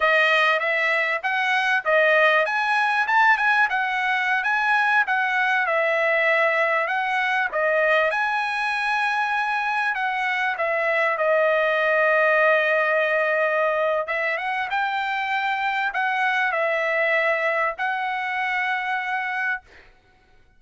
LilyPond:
\new Staff \with { instrumentName = "trumpet" } { \time 4/4 \tempo 4 = 98 dis''4 e''4 fis''4 dis''4 | gis''4 a''8 gis''8 fis''4~ fis''16 gis''8.~ | gis''16 fis''4 e''2 fis''8.~ | fis''16 dis''4 gis''2~ gis''8.~ |
gis''16 fis''4 e''4 dis''4.~ dis''16~ | dis''2. e''8 fis''8 | g''2 fis''4 e''4~ | e''4 fis''2. | }